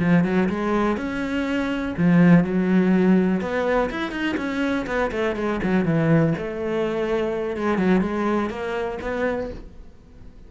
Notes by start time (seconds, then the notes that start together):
0.00 F3
0.24 F#3
0.49 G#3
0.97 C#4
1.97 F3
2.44 F#3
3.41 B3
3.90 E4
4.12 D#4
4.37 C#4
4.87 B3
5.12 A3
5.36 G#3
5.63 F#3
5.85 E3
6.38 A3
7.57 G#3
7.78 F#3
8.01 G#3
8.50 A#3
9.02 B3